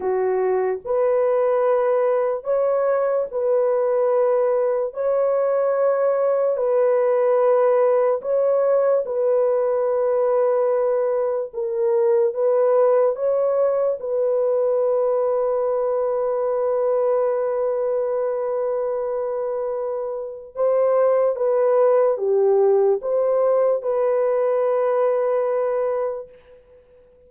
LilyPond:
\new Staff \with { instrumentName = "horn" } { \time 4/4 \tempo 4 = 73 fis'4 b'2 cis''4 | b'2 cis''2 | b'2 cis''4 b'4~ | b'2 ais'4 b'4 |
cis''4 b'2.~ | b'1~ | b'4 c''4 b'4 g'4 | c''4 b'2. | }